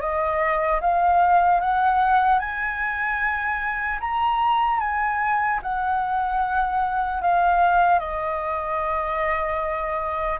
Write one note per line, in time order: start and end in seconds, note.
0.00 0.80 D#5
0.80 1.60 F5
1.60 2.39 F#5
2.39 3.99 G#5
4.00 4.80 A#5
4.80 5.60 G#5
5.62 7.21 F#5
7.21 7.99 F5
7.99 10.39 D#5